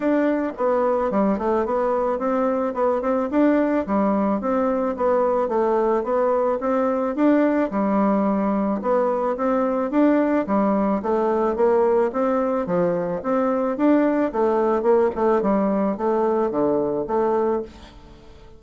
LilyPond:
\new Staff \with { instrumentName = "bassoon" } { \time 4/4 \tempo 4 = 109 d'4 b4 g8 a8 b4 | c'4 b8 c'8 d'4 g4 | c'4 b4 a4 b4 | c'4 d'4 g2 |
b4 c'4 d'4 g4 | a4 ais4 c'4 f4 | c'4 d'4 a4 ais8 a8 | g4 a4 d4 a4 | }